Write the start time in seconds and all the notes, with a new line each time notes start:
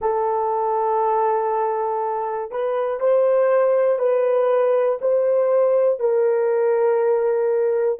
0.00 A4
2.50 B4
3.00 C5
3.99 B4
5.01 C5
5.99 A#4